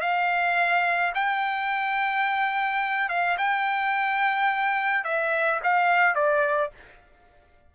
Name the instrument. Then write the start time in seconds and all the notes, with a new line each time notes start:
trumpet
0.00 F5
1.14 G5
3.09 F5
3.37 G5
5.04 E5
5.63 F5
6.15 D5